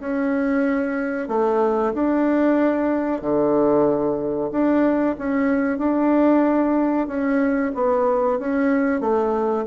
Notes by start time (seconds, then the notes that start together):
0.00 C#4
1.29 A3
1.94 D4
3.22 D3
4.52 D4
5.19 C#4
5.79 D4
7.08 C#4
7.75 B3
8.40 C#4
9.01 A3